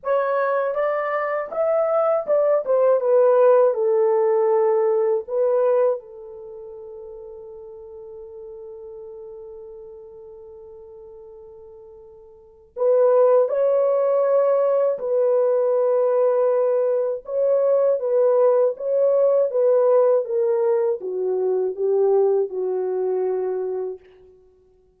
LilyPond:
\new Staff \with { instrumentName = "horn" } { \time 4/4 \tempo 4 = 80 cis''4 d''4 e''4 d''8 c''8 | b'4 a'2 b'4 | a'1~ | a'1~ |
a'4 b'4 cis''2 | b'2. cis''4 | b'4 cis''4 b'4 ais'4 | fis'4 g'4 fis'2 | }